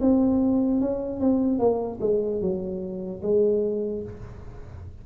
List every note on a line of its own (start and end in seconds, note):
0.00 0.80 C4
0.80 1.20 C#4
1.20 1.58 C4
1.58 1.99 A#3
2.00 2.40 G#3
2.40 3.21 F#3
3.22 4.03 G#3